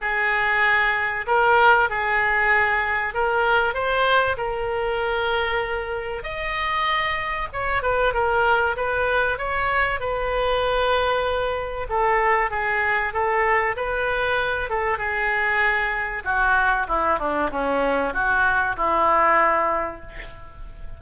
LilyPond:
\new Staff \with { instrumentName = "oboe" } { \time 4/4 \tempo 4 = 96 gis'2 ais'4 gis'4~ | gis'4 ais'4 c''4 ais'4~ | ais'2 dis''2 | cis''8 b'8 ais'4 b'4 cis''4 |
b'2. a'4 | gis'4 a'4 b'4. a'8 | gis'2 fis'4 e'8 d'8 | cis'4 fis'4 e'2 | }